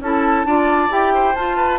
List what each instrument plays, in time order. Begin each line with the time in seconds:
0.00 bassoon C#4, clarinet E4, oboe A4, flute A5
0.45 bassoon D4, clarinet F4, oboe D5
0.89 bassoon E4, clarinet G4, flute G5
1.14 oboe C5
1.35 bassoon F4, clarinet F4, flute A5
1.57 oboe B4